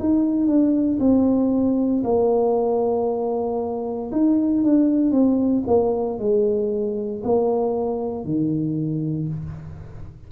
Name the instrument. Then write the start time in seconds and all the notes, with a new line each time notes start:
tuba
0.00 D#4
0.47 D4
1.00 C4
2.05 A#3
4.12 D#4
4.64 D4
5.12 C4
5.67 A#3
6.19 G#3
7.24 A#3
8.25 D#3